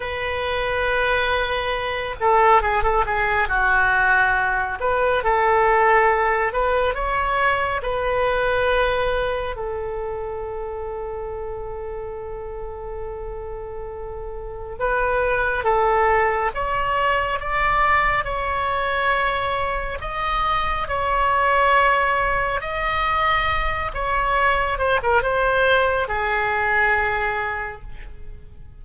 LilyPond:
\new Staff \with { instrumentName = "oboe" } { \time 4/4 \tempo 4 = 69 b'2~ b'8 a'8 gis'16 a'16 gis'8 | fis'4. b'8 a'4. b'8 | cis''4 b'2 a'4~ | a'1~ |
a'4 b'4 a'4 cis''4 | d''4 cis''2 dis''4 | cis''2 dis''4. cis''8~ | cis''8 c''16 ais'16 c''4 gis'2 | }